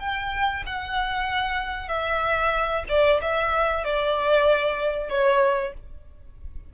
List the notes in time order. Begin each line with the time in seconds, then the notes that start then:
0.00 G5
0.67 F#5
1.89 E5
2.89 D5
3.22 E5
3.85 D5
5.10 C#5